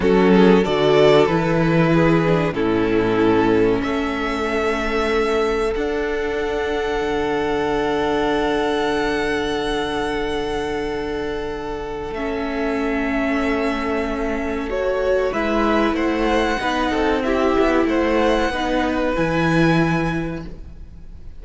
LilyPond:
<<
  \new Staff \with { instrumentName = "violin" } { \time 4/4 \tempo 4 = 94 a'4 d''4 b'2 | a'2 e''2~ | e''4 fis''2.~ | fis''1~ |
fis''2. e''4~ | e''2. cis''4 | e''4 fis''2 e''4 | fis''2 gis''2 | }
  \new Staff \with { instrumentName = "violin" } { \time 4/4 fis'8 gis'8 a'2 gis'4 | e'2 a'2~ | a'1~ | a'1~ |
a'1~ | a'1 | b'4 c''4 b'8 a'8 g'4 | c''4 b'2. | }
  \new Staff \with { instrumentName = "viola" } { \time 4/4 cis'4 fis'4 e'4. d'8 | cis'1~ | cis'4 d'2.~ | d'1~ |
d'2. cis'4~ | cis'2. fis'4 | e'2 dis'4 e'4~ | e'4 dis'4 e'2 | }
  \new Staff \with { instrumentName = "cello" } { \time 4/4 fis4 d4 e2 | a,2 a2~ | a4 d'2 d4~ | d1~ |
d2. a4~ | a1 | gis4 a4 b8 c'4 b8 | a4 b4 e2 | }
>>